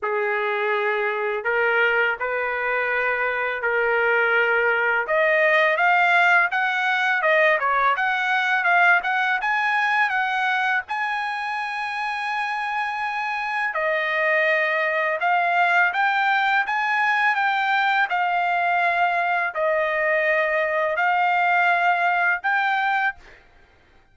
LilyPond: \new Staff \with { instrumentName = "trumpet" } { \time 4/4 \tempo 4 = 83 gis'2 ais'4 b'4~ | b'4 ais'2 dis''4 | f''4 fis''4 dis''8 cis''8 fis''4 | f''8 fis''8 gis''4 fis''4 gis''4~ |
gis''2. dis''4~ | dis''4 f''4 g''4 gis''4 | g''4 f''2 dis''4~ | dis''4 f''2 g''4 | }